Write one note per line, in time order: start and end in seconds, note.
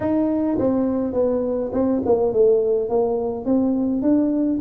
0.00 0.58 D#4
0.58 1.13 C4
1.13 1.71 B3
1.72 2.01 C4
2.05 2.32 A#3
2.32 2.89 A3
2.89 3.45 A#3
3.45 4.02 C4
4.02 4.59 D4